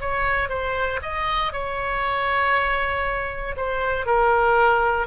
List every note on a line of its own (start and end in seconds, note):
0.00 0.49 C#5
0.49 0.99 C5
1.02 1.53 D#5
1.53 3.56 C#5
3.56 4.05 C5
4.05 5.07 A#4